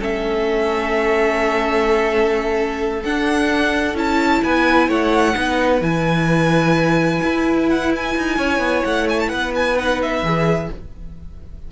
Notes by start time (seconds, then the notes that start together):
0.00 A3 C#4 A4 E5
3.04 D4 F#5
3.95 C#4 E4 A5
4.44 B3 B4 G#5
4.89 A3 C#5 F#5
5.34 B3 D#4 B4
5.82 E3 E4 G#5
7.23 E4
7.69 F#5
7.96 G#5
8.18 D#4
8.37 C#4 C#5
8.59 B3
8.85 A3 F#5
9.10 G#5
9.20 A5
9.28 B3 B4 F#5
9.56 G#5
9.77 D#4 F#5
10.02 E5
10.23 E3 G#4